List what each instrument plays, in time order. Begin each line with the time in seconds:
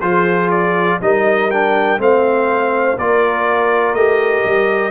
0.00 tuba F3, trombone F4, horn G#4, trumpet C5
0.50 trumpet D5
1.01 tuba G3, trombone D#4, horn A#4, trumpet D#5
1.50 trombone D4, trumpet G5
1.98 tuba A3, trombone C4, horn C5, trumpet F5
2.97 tuba A#3, trombone F4, horn A#4, trumpet D5
3.94 tuba A3, trombone G4, trumpet D#5
4.45 tuba G3